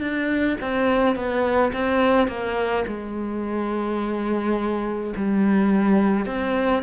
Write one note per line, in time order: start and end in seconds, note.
0.00 0.57 D4
0.61 1.15 C4
1.15 1.72 B3
1.73 2.27 C4
2.27 2.84 A#3
2.87 5.14 G#3
5.16 6.26 G3
6.26 6.82 C4